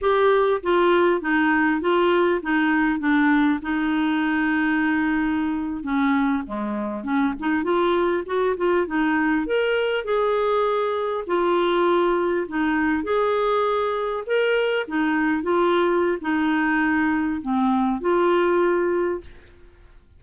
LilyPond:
\new Staff \with { instrumentName = "clarinet" } { \time 4/4 \tempo 4 = 100 g'4 f'4 dis'4 f'4 | dis'4 d'4 dis'2~ | dis'4.~ dis'16 cis'4 gis4 cis'16~ | cis'16 dis'8 f'4 fis'8 f'8 dis'4 ais'16~ |
ais'8. gis'2 f'4~ f'16~ | f'8. dis'4 gis'2 ais'16~ | ais'8. dis'4 f'4~ f'16 dis'4~ | dis'4 c'4 f'2 | }